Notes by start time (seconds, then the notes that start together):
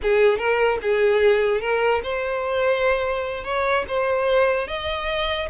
0.02 G#4
0.38 A#4
0.82 G#4
1.61 A#4
2.03 C5
3.44 C#5
3.88 C5
4.67 D#5